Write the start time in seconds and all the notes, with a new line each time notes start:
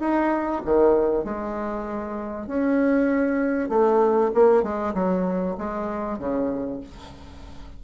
0.00 D#4
0.65 D#3
1.24 G#3
2.47 C#4
3.69 A3
4.34 A#3
4.63 G#3
4.94 F#3
5.58 G#3
6.19 C#3